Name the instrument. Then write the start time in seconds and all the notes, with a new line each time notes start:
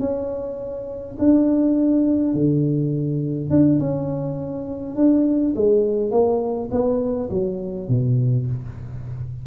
tuba
0.00 C#4
1.19 D4
2.34 D3
3.50 D4
3.80 C#4
4.96 D4
5.56 G#3
6.11 A#3
6.72 B3
7.30 F#3
7.89 B2